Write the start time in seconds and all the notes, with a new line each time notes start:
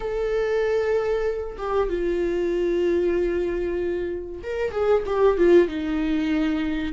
0.00 A4
1.57 G4
1.89 F4
4.43 A#4
4.71 G#4
5.06 G4
5.37 F4
5.68 D#4